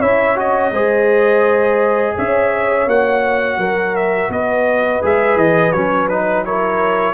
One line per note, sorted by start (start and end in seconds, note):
0.00 0.72 C#4
0.00 0.36 E4
0.00 0.71 C#5
0.00 0.37 E5
0.36 0.72 F#4
0.36 2.18 D#5
0.72 2.14 G#3
0.72 2.89 G#4
0.72 2.16 C5
2.18 2.87 C#4
2.18 3.60 C#5
2.18 2.89 E5
2.87 3.58 A#3
2.87 5.02 F#4
2.87 3.96 F#5
3.58 4.29 F#3
3.58 4.31 A#4
3.96 4.32 E5
4.29 5.01 B3
4.29 6.47 B4
4.29 5.04 D#5
5.02 5.36 G#3
5.02 5.74 G#4
5.02 5.38 E5
5.36 5.72 E3
5.36 5.72 D#5
5.72 7.14 F#3
5.72 6.10 C#4
5.72 6.08 C#5
6.09 6.45 D#4
6.09 6.45 B4
6.45 7.14 E4
6.45 7.14 A#4
6.45 7.14 C#5